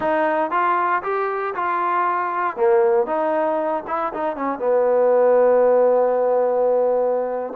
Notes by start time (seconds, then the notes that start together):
0.00 D#4
0.51 F4
1.02 G4
1.55 F4
2.56 A#3
3.06 D#4
3.87 E4
4.13 D#4
4.35 C#4
4.59 B3